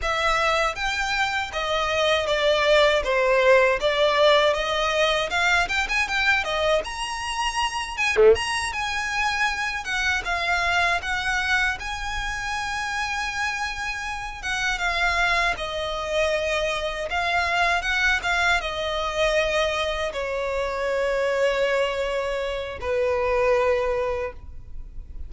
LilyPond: \new Staff \with { instrumentName = "violin" } { \time 4/4 \tempo 4 = 79 e''4 g''4 dis''4 d''4 | c''4 d''4 dis''4 f''8 g''16 gis''16 | g''8 dis''8 ais''4. gis''16 a16 ais''8 gis''8~ | gis''4 fis''8 f''4 fis''4 gis''8~ |
gis''2. fis''8 f''8~ | f''8 dis''2 f''4 fis''8 | f''8 dis''2 cis''4.~ | cis''2 b'2 | }